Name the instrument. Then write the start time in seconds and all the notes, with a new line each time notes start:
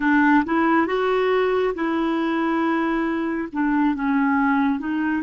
clarinet
0.00 D4
0.45 E4
0.87 F#4
1.74 E4
3.52 D4
3.94 C#4
4.79 D#4